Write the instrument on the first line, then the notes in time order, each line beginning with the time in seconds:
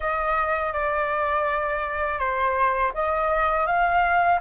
flute
0.00 D#5
0.73 D5
2.18 C5
2.93 D#5
3.66 F5